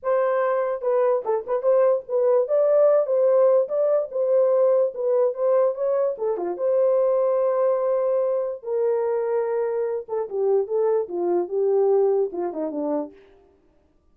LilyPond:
\new Staff \with { instrumentName = "horn" } { \time 4/4 \tempo 4 = 146 c''2 b'4 a'8 b'8 | c''4 b'4 d''4. c''8~ | c''4 d''4 c''2 | b'4 c''4 cis''4 a'8 f'8 |
c''1~ | c''4 ais'2.~ | ais'8 a'8 g'4 a'4 f'4 | g'2 f'8 dis'8 d'4 | }